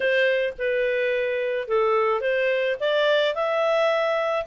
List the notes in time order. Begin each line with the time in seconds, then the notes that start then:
0.00 C5
0.58 B4
1.68 A4
2.20 C5
2.80 D5
3.34 E5